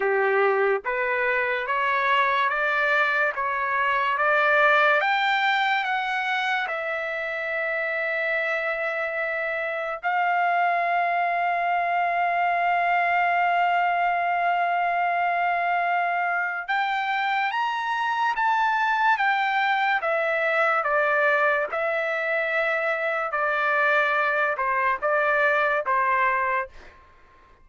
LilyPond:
\new Staff \with { instrumentName = "trumpet" } { \time 4/4 \tempo 4 = 72 g'4 b'4 cis''4 d''4 | cis''4 d''4 g''4 fis''4 | e''1 | f''1~ |
f''1 | g''4 ais''4 a''4 g''4 | e''4 d''4 e''2 | d''4. c''8 d''4 c''4 | }